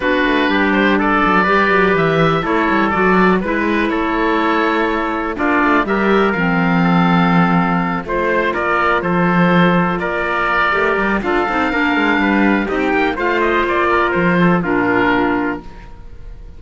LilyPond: <<
  \new Staff \with { instrumentName = "oboe" } { \time 4/4 \tempo 4 = 123 b'4. c''8 d''2 | e''4 cis''4 d''4 b'4 | cis''2. d''4 | e''4 f''2.~ |
f''8 c''4 d''4 c''4.~ | c''8 d''2~ d''8 f''4~ | f''2 dis''16 g''8. f''8 dis''8 | d''4 c''4 ais'2 | }
  \new Staff \with { instrumentName = "trumpet" } { \time 4/4 fis'4 g'4 a'4 b'4~ | b'4 a'2 b'4 | a'2. f'4 | ais'2 a'2~ |
a'8 c''4 ais'4 a'4.~ | a'8 ais'2~ ais'8 a'4 | ais'4 b'4 g'4 c''4~ | c''8 ais'4 a'8 f'2 | }
  \new Staff \with { instrumentName = "clarinet" } { \time 4/4 d'2. g'4~ | g'4 e'4 fis'4 e'4~ | e'2. d'4 | g'4 c'2.~ |
c'8 f'2.~ f'8~ | f'2 g'4 f'8 dis'8 | d'2 dis'4 f'4~ | f'2 d'2 | }
  \new Staff \with { instrumentName = "cello" } { \time 4/4 b8 a8 g4. fis8 g8 fis8 | e4 a8 g8 fis4 gis4 | a2. ais8 a8 | g4 f2.~ |
f8 a4 ais4 f4.~ | f8 ais4. a8 g8 d'8 c'8 | ais8 gis8 g4 c'8 ais8 a4 | ais4 f4 ais,2 | }
>>